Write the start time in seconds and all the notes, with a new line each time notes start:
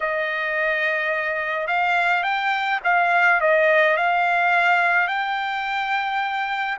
0.00 D#5
1.67 F5
2.23 G5
2.84 F5
3.41 D#5
3.96 F5
5.07 G5